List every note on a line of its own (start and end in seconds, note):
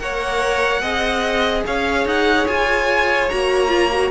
0.00 0.82 A#3
0.00 0.82 A#4
0.00 0.82 C#5
0.00 1.64 F#5
0.82 1.64 C4
0.82 3.29 G#4
0.82 1.64 D#5
1.67 2.05 C#4
1.67 4.11 C#5
1.67 2.08 F5
2.05 2.46 D#4
2.05 2.47 F#5
2.47 3.30 F4
2.47 3.29 G#5
3.29 4.11 A#3
3.29 3.69 F#4
3.29 4.11 A#5
3.69 3.89 F4
3.93 4.11 F#4